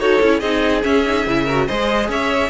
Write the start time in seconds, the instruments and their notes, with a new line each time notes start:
0.00 cello D#4, viola F#4, violin A4 C#5
0.22 cello C#4, viola E4
0.40 cello C4, viola D#4, violin G#4 D#5
0.83 viola C#4, cello C#4, violin E5
1.06 viola D#4
1.27 cello C#3, viola E4
1.45 viola F#4, violin A#4
1.67 cello G#3, viola G#4, violin C5 D#5
2.09 cello C#4, violin C#5 E5